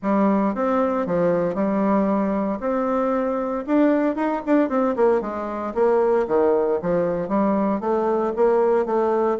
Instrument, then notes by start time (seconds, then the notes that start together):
bassoon
0.02 G3
0.55 C4
1.06 F3
1.55 G3
2.59 C4
3.66 D4
4.15 D#4
4.46 D4
4.69 C4
4.96 A#3
5.21 G#3
5.74 A#3
6.27 D#3
6.82 F3
7.28 G3
7.80 A3
8.35 A#3
8.85 A3